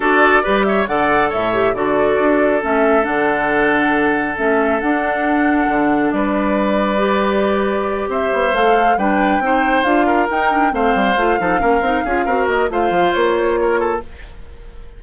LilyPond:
<<
  \new Staff \with { instrumentName = "flute" } { \time 4/4 \tempo 4 = 137 d''4. e''8 fis''4 e''4 | d''2 e''4 fis''4~ | fis''2 e''4 fis''4~ | fis''2 d''2~ |
d''2~ d''8 e''4 f''8~ | f''8 g''2 f''4 g''8~ | g''8 f''2.~ f''8~ | f''8 dis''8 f''4 cis''2 | }
  \new Staff \with { instrumentName = "oboe" } { \time 4/4 a'4 b'8 cis''8 d''4 cis''4 | a'1~ | a'1~ | a'2 b'2~ |
b'2~ b'8 c''4.~ | c''8 b'4 c''4. ais'4~ | ais'8 c''4. a'8 ais'4 gis'8 | ais'4 c''2 ais'8 a'8 | }
  \new Staff \with { instrumentName = "clarinet" } { \time 4/4 fis'4 g'4 a'4. g'8 | fis'2 cis'4 d'4~ | d'2 cis'4 d'4~ | d'1 |
g'2.~ g'8 a'8~ | a'8 d'4 dis'4 f'4 dis'8 | d'8 c'4 f'8 dis'8 cis'8 dis'8 f'8 | fis'4 f'2. | }
  \new Staff \with { instrumentName = "bassoon" } { \time 4/4 d'4 g4 d4 a,4 | d4 d'4 a4 d4~ | d2 a4 d'4~ | d'4 d4 g2~ |
g2~ g8 c'8 b8 a8~ | a8 g4 c'4 d'4 dis'8~ | dis'8 a8 g8 a8 f8 ais8 c'8 cis'8 | c'8 ais8 a8 f8 ais2 | }
>>